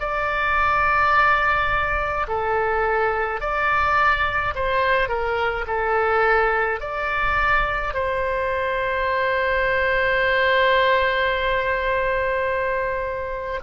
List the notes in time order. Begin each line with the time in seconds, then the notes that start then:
0.00 D5
2.27 A4
3.41 D5
4.55 C5
5.08 A#4
5.67 A4
6.80 D5
7.93 C5